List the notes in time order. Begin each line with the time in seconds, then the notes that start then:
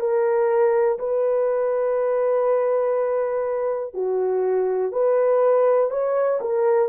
0.00 A#4
0.99 B4
3.94 F#4
4.92 B4
5.90 C#5
6.41 A#4